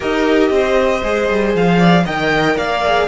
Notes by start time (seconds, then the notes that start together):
0.00 D#4 G4 A#4 D#5
0.50 C4 C5
1.03 G#3 G#4
1.29 G3
1.54 F3 F5
1.78 D5
2.05 D#3 A#4 D#5 G5
2.56 A#3 D5 F5
2.85 G#4